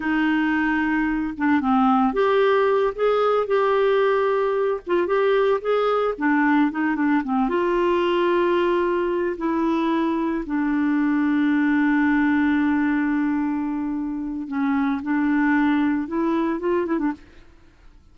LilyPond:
\new Staff \with { instrumentName = "clarinet" } { \time 4/4 \tempo 4 = 112 dis'2~ dis'8 d'8 c'4 | g'4. gis'4 g'4.~ | g'4 f'8 g'4 gis'4 d'8~ | d'8 dis'8 d'8 c'8 f'2~ |
f'4. e'2 d'8~ | d'1~ | d'2. cis'4 | d'2 e'4 f'8 e'16 d'16 | }